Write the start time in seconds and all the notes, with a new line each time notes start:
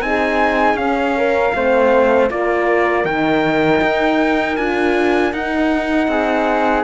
0.00 C4 D#4 G#4 G#5
0.74 C#4 F5
1.16 A#4
1.54 A3 C4 C5
2.29 A#3 F4 A#4 D5
3.04 D#3 D#4 G5
3.81 D#4
4.56 D4 F4 G#5
5.32 D#4 F#5
6.07 C4 G#4